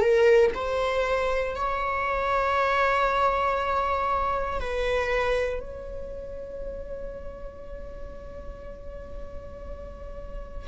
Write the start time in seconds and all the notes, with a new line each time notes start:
0.00 A#4
0.54 C5
1.55 C#5
4.60 B4
5.60 C#5